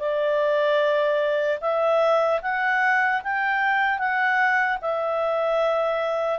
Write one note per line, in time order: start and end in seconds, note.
0.00 1.60 D5
1.61 2.41 E5
2.42 3.22 F#5
3.24 3.99 G5
3.99 4.79 F#5
4.82 6.40 E5